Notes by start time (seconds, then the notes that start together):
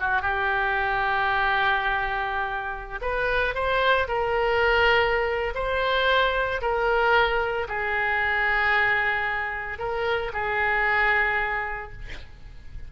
0.00 F#4
0.22 G4
3.02 B4
3.55 C5
4.08 A#4
5.55 C5
6.62 A#4
7.68 G#4
9.79 A#4
10.33 G#4